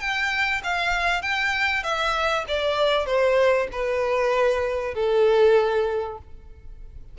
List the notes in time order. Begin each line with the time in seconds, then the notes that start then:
0.00 G5
0.64 F5
1.22 G5
1.83 E5
2.48 D5
3.06 C5
3.72 B4
4.95 A4